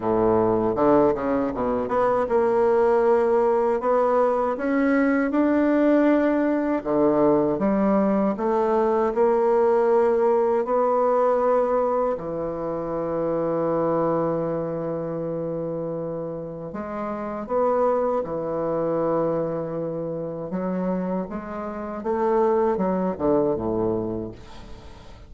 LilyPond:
\new Staff \with { instrumentName = "bassoon" } { \time 4/4 \tempo 4 = 79 a,4 d8 cis8 b,8 b8 ais4~ | ais4 b4 cis'4 d'4~ | d'4 d4 g4 a4 | ais2 b2 |
e1~ | e2 gis4 b4 | e2. fis4 | gis4 a4 fis8 d8 a,4 | }